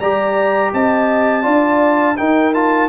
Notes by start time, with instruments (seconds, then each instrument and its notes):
0.00 tuba G3, trombone G4, horn D5, trumpet A#5
0.73 tuba C4, horn D#5, trumpet A5
1.43 tuba D4, trombone F4, horn D5
2.17 trombone D#4, tuba D#4, horn A#4, trumpet G5
2.54 trombone F4, trumpet A5